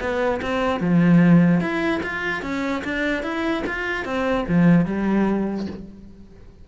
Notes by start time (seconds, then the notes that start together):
0.00 B3
0.42 C4
0.80 F3
1.61 E4
2.03 F4
2.42 C#4
2.84 D4
3.23 E4
3.67 F4
4.05 C4
4.48 F3
4.85 G3